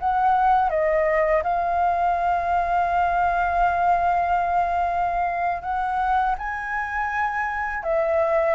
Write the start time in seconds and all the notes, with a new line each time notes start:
0.00 F#5
0.70 D#5
1.44 F5
5.62 F#5
6.38 G#5
7.84 E5